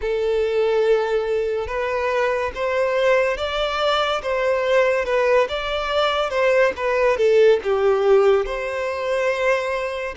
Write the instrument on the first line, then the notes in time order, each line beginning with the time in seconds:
violin
0.01 A4
1.67 B4
2.54 C5
3.36 D5
4.22 C5
5.05 B4
5.49 D5
6.30 C5
6.76 B4
7.17 A4
7.63 G4
8.45 C5